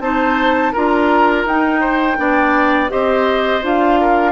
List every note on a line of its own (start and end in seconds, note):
0.00 0.72 C4
0.00 0.74 D#4
0.00 0.72 C5
0.00 0.73 A5
0.72 1.45 D4
0.72 1.47 F4
0.72 1.80 A#4
0.72 1.46 A#5
1.45 2.17 D#4
1.45 2.91 G5
1.80 2.16 C5
2.17 2.91 B3
2.17 2.89 D4
2.17 2.91 D5
2.89 3.63 C4
2.89 3.61 G4
2.89 4.00 C5
2.89 3.63 D#5
3.62 4.32 D4
3.62 4.32 F4
3.62 4.32 F5
4.01 4.32 A#4